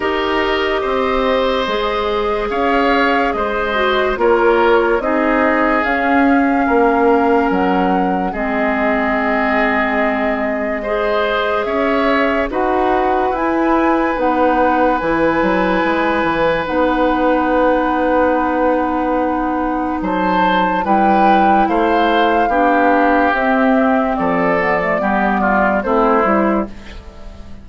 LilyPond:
<<
  \new Staff \with { instrumentName = "flute" } { \time 4/4 \tempo 4 = 72 dis''2. f''4 | dis''4 cis''4 dis''4 f''4~ | f''4 fis''4 dis''2~ | dis''2 e''4 fis''4 |
gis''4 fis''4 gis''2 | fis''1 | a''4 g''4 f''2 | e''4 d''2 c''4 | }
  \new Staff \with { instrumentName = "oboe" } { \time 4/4 ais'4 c''2 cis''4 | c''4 ais'4 gis'2 | ais'2 gis'2~ | gis'4 c''4 cis''4 b'4~ |
b'1~ | b'1 | c''4 b'4 c''4 g'4~ | g'4 a'4 g'8 f'8 e'4 | }
  \new Staff \with { instrumentName = "clarinet" } { \time 4/4 g'2 gis'2~ | gis'8 fis'8 f'4 dis'4 cis'4~ | cis'2 c'2~ | c'4 gis'2 fis'4 |
e'4 dis'4 e'2 | dis'1~ | dis'4 e'2 d'4 | c'4. b16 a16 b4 c'8 e'8 | }
  \new Staff \with { instrumentName = "bassoon" } { \time 4/4 dis'4 c'4 gis4 cis'4 | gis4 ais4 c'4 cis'4 | ais4 fis4 gis2~ | gis2 cis'4 dis'4 |
e'4 b4 e8 fis8 gis8 e8 | b1 | fis4 g4 a4 b4 | c'4 f4 g4 a8 g8 | }
>>